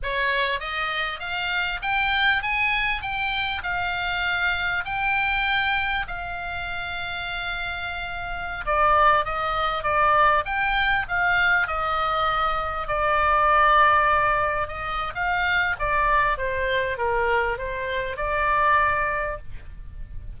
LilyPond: \new Staff \with { instrumentName = "oboe" } { \time 4/4 \tempo 4 = 99 cis''4 dis''4 f''4 g''4 | gis''4 g''4 f''2 | g''2 f''2~ | f''2~ f''16 d''4 dis''8.~ |
dis''16 d''4 g''4 f''4 dis''8.~ | dis''4~ dis''16 d''2~ d''8.~ | d''16 dis''8. f''4 d''4 c''4 | ais'4 c''4 d''2 | }